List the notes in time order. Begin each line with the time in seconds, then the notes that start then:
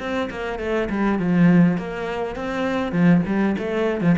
0.00 C4
0.31 A#3
0.60 A3
0.90 G3
1.19 F3
1.78 A#3
2.36 C4
2.92 F3
3.26 G3
3.59 A3
4.02 F3